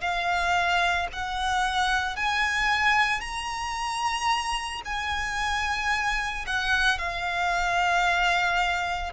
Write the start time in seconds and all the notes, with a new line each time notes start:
0.00 F5
1.12 F#5
2.16 G#5
3.20 A#5
4.85 G#5
6.46 F#5
6.98 F5